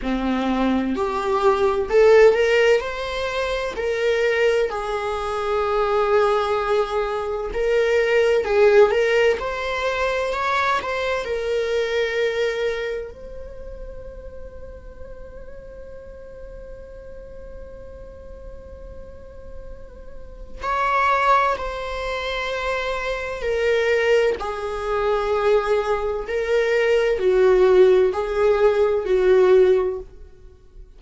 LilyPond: \new Staff \with { instrumentName = "viola" } { \time 4/4 \tempo 4 = 64 c'4 g'4 a'8 ais'8 c''4 | ais'4 gis'2. | ais'4 gis'8 ais'8 c''4 cis''8 c''8 | ais'2 c''2~ |
c''1~ | c''2 cis''4 c''4~ | c''4 ais'4 gis'2 | ais'4 fis'4 gis'4 fis'4 | }